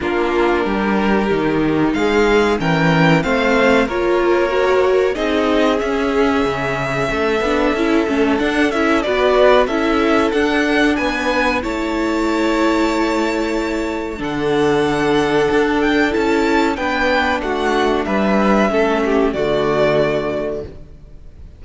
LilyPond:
<<
  \new Staff \with { instrumentName = "violin" } { \time 4/4 \tempo 4 = 93 ais'2. f''4 | g''4 f''4 cis''2 | dis''4 e''2.~ | e''4 fis''8 e''8 d''4 e''4 |
fis''4 gis''4 a''2~ | a''2 fis''2~ | fis''8 g''8 a''4 g''4 fis''4 | e''2 d''2 | }
  \new Staff \with { instrumentName = "violin" } { \time 4/4 f'4 g'2 gis'4 | ais'4 c''4 ais'2 | gis'2. a'4~ | a'2 b'4 a'4~ |
a'4 b'4 cis''2~ | cis''2 a'2~ | a'2 b'4 fis'4 | b'4 a'8 g'8 fis'2 | }
  \new Staff \with { instrumentName = "viola" } { \time 4/4 d'2 dis'2 | cis'4 c'4 f'4 fis'4 | dis'4 cis'2~ cis'8 d'8 | e'8 cis'8 d'8 e'8 fis'4 e'4 |
d'2 e'2~ | e'2 d'2~ | d'4 e'4 d'2~ | d'4 cis'4 a2 | }
  \new Staff \with { instrumentName = "cello" } { \time 4/4 ais4 g4 dis4 gis4 | e4 a4 ais2 | c'4 cis'4 cis4 a8 b8 | cis'8 a8 d'8 cis'8 b4 cis'4 |
d'4 b4 a2~ | a2 d2 | d'4 cis'4 b4 a4 | g4 a4 d2 | }
>>